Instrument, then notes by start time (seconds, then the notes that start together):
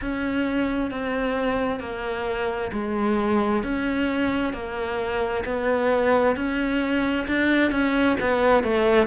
cello
0.01 C#4
0.90 C4
1.80 A#3
2.72 G#3
3.63 C#4
4.53 A#3
5.45 B3
6.36 C#4
7.27 D4
7.71 C#4
8.20 B3
8.63 A3